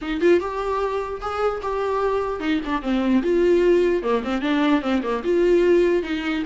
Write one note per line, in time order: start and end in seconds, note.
0.01 0.21 D#4
0.21 0.40 F4
0.40 1.20 G4
1.21 1.61 G#4
1.62 2.40 G4
2.40 2.60 D#4
2.65 2.82 D4
2.82 3.22 C4
3.22 4.02 F4
4.02 4.22 A#3
4.23 4.41 C4
4.41 4.81 D4
4.81 5.01 C4
5.02 5.23 A#3
5.24 6.02 F4
6.02 6.43 D#4